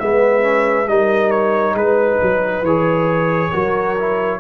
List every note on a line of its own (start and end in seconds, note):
0.00 0.88 G#3
0.00 0.42 B3
0.00 0.90 B4
0.00 0.88 E5
0.42 0.86 C#4
0.88 1.74 G3
0.88 2.65 D#4
0.88 1.76 A#4
0.88 1.31 D#5
1.31 1.75 C#5
1.74 2.18 G#3
1.74 3.51 B4
1.74 2.65 B4
2.22 2.62 F#3
2.62 3.50 E3
2.62 3.53 G#4
2.62 4.40 C#5
3.51 4.40 F#3
3.51 3.97 F#4
3.51 4.39 A#4
3.99 4.40 E4